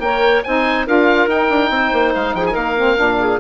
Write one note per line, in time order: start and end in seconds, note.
0.00 0.42 A#3
0.00 0.45 A#4
0.00 0.46 C#5
0.00 0.43 G5
0.44 0.88 C4
0.44 0.87 D#4
0.44 0.87 C5
0.44 0.86 G#5
0.87 1.28 D4
0.87 1.29 F4
0.87 1.72 A#4
0.87 1.30 F5
1.28 1.49 D#4
1.28 2.77 D#4
1.28 2.14 G5
1.50 1.71 D4
1.71 1.92 C4
1.71 2.35 C5
1.93 2.14 A#3
2.15 2.34 G#3
2.15 2.35 F5
2.34 2.55 F3
2.34 2.52 G#4
2.34 2.46 G5
2.46 3.15 A#4
2.46 2.55 G#5
2.55 2.98 A#3
2.55 3.40 F5
2.77 2.97 C4
2.97 3.40 A#2
2.97 3.39 D4
3.20 3.41 G#4